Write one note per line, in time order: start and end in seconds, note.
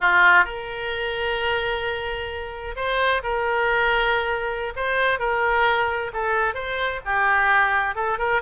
0.00 0.44 F4
0.44 2.75 A#4
2.75 3.22 C5
3.23 4.73 A#4
4.76 5.19 C5
5.19 6.11 A#4
6.13 6.54 A4
6.54 7.00 C5
7.05 7.95 G4
7.95 8.18 A4
8.18 8.41 A#4